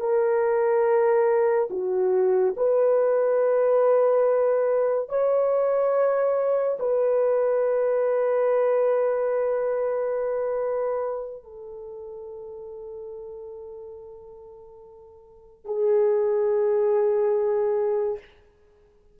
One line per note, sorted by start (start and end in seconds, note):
0.00 1.69 A#4
1.71 2.55 F#4
2.57 5.09 B4
5.09 6.78 C#5
6.80 11.44 B4
11.44 15.66 A4
15.66 18.19 G#4